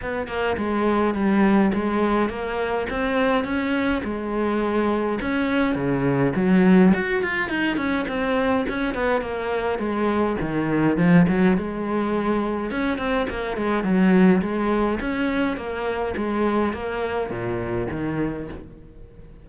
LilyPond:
\new Staff \with { instrumentName = "cello" } { \time 4/4 \tempo 4 = 104 b8 ais8 gis4 g4 gis4 | ais4 c'4 cis'4 gis4~ | gis4 cis'4 cis4 fis4 | fis'8 f'8 dis'8 cis'8 c'4 cis'8 b8 |
ais4 gis4 dis4 f8 fis8 | gis2 cis'8 c'8 ais8 gis8 | fis4 gis4 cis'4 ais4 | gis4 ais4 ais,4 dis4 | }